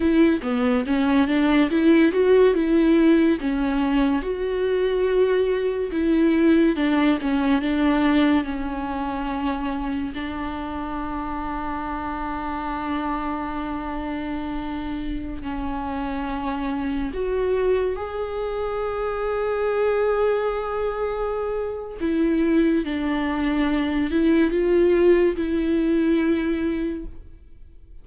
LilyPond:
\new Staff \with { instrumentName = "viola" } { \time 4/4 \tempo 4 = 71 e'8 b8 cis'8 d'8 e'8 fis'8 e'4 | cis'4 fis'2 e'4 | d'8 cis'8 d'4 cis'2 | d'1~ |
d'2~ d'16 cis'4.~ cis'16~ | cis'16 fis'4 gis'2~ gis'8.~ | gis'2 e'4 d'4~ | d'8 e'8 f'4 e'2 | }